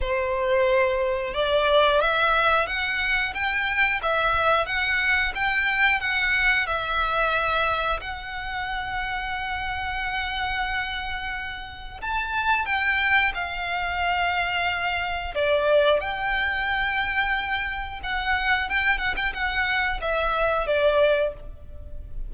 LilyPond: \new Staff \with { instrumentName = "violin" } { \time 4/4 \tempo 4 = 90 c''2 d''4 e''4 | fis''4 g''4 e''4 fis''4 | g''4 fis''4 e''2 | fis''1~ |
fis''2 a''4 g''4 | f''2. d''4 | g''2. fis''4 | g''8 fis''16 g''16 fis''4 e''4 d''4 | }